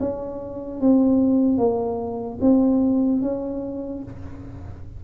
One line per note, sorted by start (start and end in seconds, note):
0.00 0.81 C#4
0.81 1.58 C4
1.58 2.39 A#3
2.41 3.22 C4
3.22 4.03 C#4